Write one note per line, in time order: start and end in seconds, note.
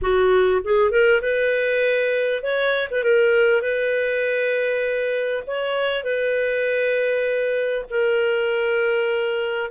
0.01 0.62 F#4
0.64 0.91 G#4
0.91 1.21 A#4
1.21 2.42 B4
2.42 2.88 C#5
2.90 3.03 B4
3.03 3.61 A#4
3.61 5.43 B4
5.47 6.03 C#5
6.03 7.85 B4
7.90 9.70 A#4